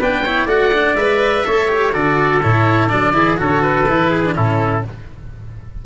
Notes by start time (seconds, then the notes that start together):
0.00 B3 D4 B4 G5
0.24 E4 C#5
0.46 A3 F#4 D5 F#5
0.73 D4
0.95 G#3 B4 E5
1.45 A3 A4 C#5
1.68 G4
1.93 D3 F#4 A4 D5
2.42 A2 E4 C#5
2.89 F#3 D4 D5
3.13 E3 E4 G#4
3.37 D3 F#4 A4 C#5
3.62 B4
3.89 E3 E4
4.10 G#4
4.25 D4
4.35 A2 C#4 E4 A4